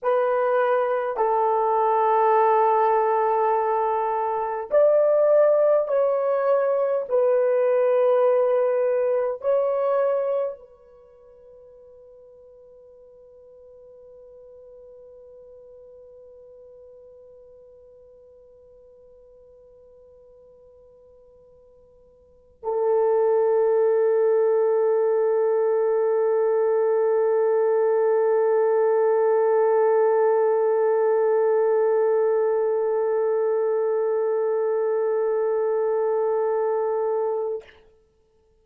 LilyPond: \new Staff \with { instrumentName = "horn" } { \time 4/4 \tempo 4 = 51 b'4 a'2. | d''4 cis''4 b'2 | cis''4 b'2.~ | b'1~ |
b'2.~ b'16 a'8.~ | a'1~ | a'1~ | a'1 | }